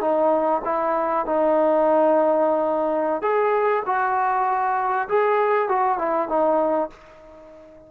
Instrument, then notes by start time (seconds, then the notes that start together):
trombone
0.00 D#4
0.64 E4
1.25 D#4
3.21 G#4
3.85 F#4
5.08 G#4
5.68 F#4
5.98 E4
6.28 D#4